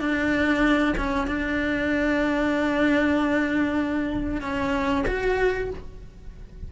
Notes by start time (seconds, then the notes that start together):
0.00 D4
0.97 C#4
1.27 D4
4.41 C#4
5.07 F#4